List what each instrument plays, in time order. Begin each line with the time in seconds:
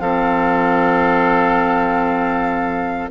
0.00 bassoon F3, clarinet C4, oboe A4, flute F5